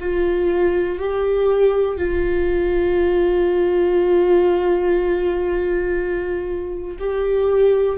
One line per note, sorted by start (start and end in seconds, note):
0.00 0.99 F4
0.99 1.97 G4
1.97 6.97 F4
6.99 7.98 G4